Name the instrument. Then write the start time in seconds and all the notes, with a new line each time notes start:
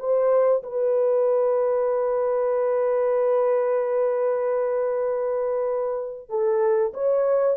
horn
0.00 C5
0.64 B4
6.30 A4
6.94 C#5